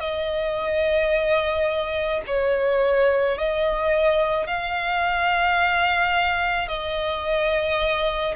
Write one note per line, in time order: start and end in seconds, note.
0.00 2.22 D#5
2.27 3.38 C#5
3.38 4.47 D#5
4.47 6.68 F5
6.68 8.35 D#5